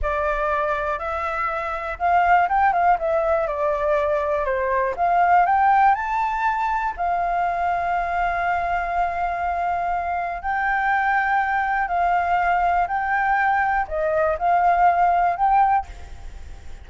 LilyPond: \new Staff \with { instrumentName = "flute" } { \time 4/4 \tempo 4 = 121 d''2 e''2 | f''4 g''8 f''8 e''4 d''4~ | d''4 c''4 f''4 g''4 | a''2 f''2~ |
f''1~ | f''4 g''2. | f''2 g''2 | dis''4 f''2 g''4 | }